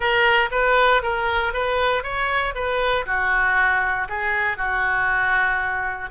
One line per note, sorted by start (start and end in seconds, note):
0.00 0.49 A#4
0.51 1.02 B4
1.02 1.53 A#4
1.53 2.03 B4
2.03 2.54 C#5
2.54 3.05 B4
3.06 4.07 F#4
4.08 4.57 G#4
4.57 6.09 F#4